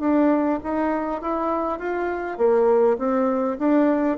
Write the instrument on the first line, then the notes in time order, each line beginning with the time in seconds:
bassoon
0.00 D4
0.63 D#4
1.22 E4
1.79 F4
2.38 A#3
2.98 C4
3.59 D4